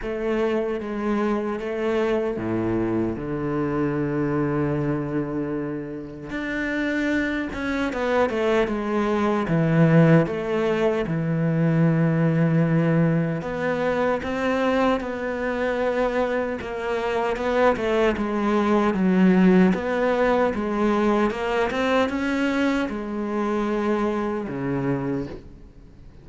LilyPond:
\new Staff \with { instrumentName = "cello" } { \time 4/4 \tempo 4 = 76 a4 gis4 a4 a,4 | d1 | d'4. cis'8 b8 a8 gis4 | e4 a4 e2~ |
e4 b4 c'4 b4~ | b4 ais4 b8 a8 gis4 | fis4 b4 gis4 ais8 c'8 | cis'4 gis2 cis4 | }